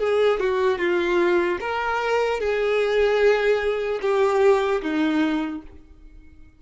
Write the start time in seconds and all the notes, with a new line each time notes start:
0.00 G#4
0.40 F#4
0.79 F4
1.61 A#4
2.40 G#4
4.02 G4
4.82 D#4